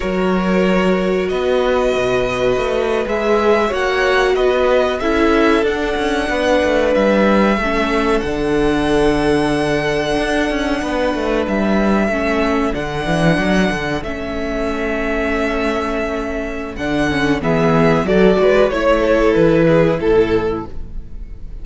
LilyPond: <<
  \new Staff \with { instrumentName = "violin" } { \time 4/4 \tempo 4 = 93 cis''2 dis''2~ | dis''8. e''4 fis''4 dis''4 e''16~ | e''8. fis''2 e''4~ e''16~ | e''8. fis''2.~ fis''16~ |
fis''4.~ fis''16 e''2 fis''16~ | fis''4.~ fis''16 e''2~ e''16~ | e''2 fis''4 e''4 | d''4 cis''4 b'4 a'4 | }
  \new Staff \with { instrumentName = "violin" } { \time 4/4 ais'2 b'2~ | b'4.~ b'16 cis''4 b'4 a'16~ | a'4.~ a'16 b'2 a'16~ | a'1~ |
a'8. b'2 a'4~ a'16~ | a'1~ | a'2. gis'4 | a'8 b'8 cis''8 a'4 gis'8 a'4 | }
  \new Staff \with { instrumentName = "viola" } { \time 4/4 fis'1~ | fis'8. gis'4 fis'2 e'16~ | e'8. d'2. cis'16~ | cis'8. d'2.~ d'16~ |
d'2~ d'8. cis'4 d'16~ | d'4.~ d'16 cis'2~ cis'16~ | cis'2 d'8 cis'8 b4 | fis'4 e'2. | }
  \new Staff \with { instrumentName = "cello" } { \time 4/4 fis2 b4 b,4 | a8. gis4 ais4 b4 cis'16~ | cis'8. d'8 cis'8 b8 a8 g4 a16~ | a8. d2. d'16~ |
d'16 cis'8 b8 a8 g4 a4 d16~ | d16 e8 fis8 d8 a2~ a16~ | a2 d4 e4 | fis8 gis8 a4 e4 a,4 | }
>>